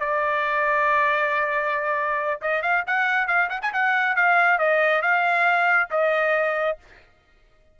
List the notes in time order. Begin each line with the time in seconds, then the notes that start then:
0.00 D5
2.41 D#5
2.63 F5
2.87 F#5
3.27 F5
3.50 F#5
3.62 G#5
3.73 F#5
4.16 F5
4.59 D#5
5.02 F5
5.91 D#5